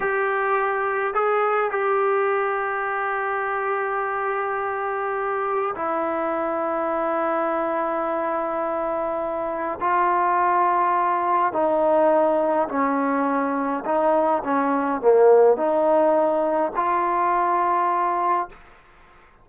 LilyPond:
\new Staff \with { instrumentName = "trombone" } { \time 4/4 \tempo 4 = 104 g'2 gis'4 g'4~ | g'1~ | g'2 e'2~ | e'1~ |
e'4 f'2. | dis'2 cis'2 | dis'4 cis'4 ais4 dis'4~ | dis'4 f'2. | }